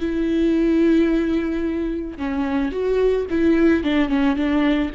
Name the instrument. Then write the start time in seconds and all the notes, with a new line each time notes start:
viola
0.00 E4
2.18 C#4
2.72 F#4
3.30 E4
3.84 D4
4.09 C#4
4.36 D4